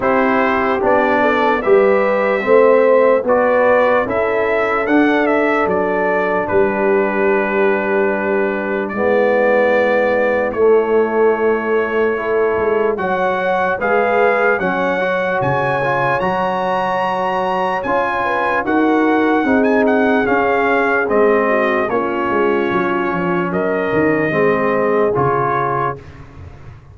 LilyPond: <<
  \new Staff \with { instrumentName = "trumpet" } { \time 4/4 \tempo 4 = 74 c''4 d''4 e''2 | d''4 e''4 fis''8 e''8 d''4 | b'2. d''4~ | d''4 cis''2. |
fis''4 f''4 fis''4 gis''4 | ais''2 gis''4 fis''4~ | fis''16 gis''16 fis''8 f''4 dis''4 cis''4~ | cis''4 dis''2 cis''4 | }
  \new Staff \with { instrumentName = "horn" } { \time 4/4 g'4. a'8 b'4 c''4 | b'4 a'2. | g'2. e'4~ | e'2. a'4 |
cis''4 b'4 cis''2~ | cis''2~ cis''8 b'8 ais'4 | gis'2~ gis'8 fis'8 f'4~ | f'4 ais'4 gis'2 | }
  \new Staff \with { instrumentName = "trombone" } { \time 4/4 e'4 d'4 g'4 c'4 | fis'4 e'4 d'2~ | d'2. b4~ | b4 a2 e'4 |
fis'4 gis'4 cis'8 fis'4 f'8 | fis'2 f'4 fis'4 | dis'4 cis'4 c'4 cis'4~ | cis'2 c'4 f'4 | }
  \new Staff \with { instrumentName = "tuba" } { \time 4/4 c'4 b4 g4 a4 | b4 cis'4 d'4 fis4 | g2. gis4~ | gis4 a2~ a8 gis8 |
fis4 gis4 fis4 cis4 | fis2 cis'4 dis'4 | c'4 cis'4 gis4 ais8 gis8 | fis8 f8 fis8 dis8 gis4 cis4 | }
>>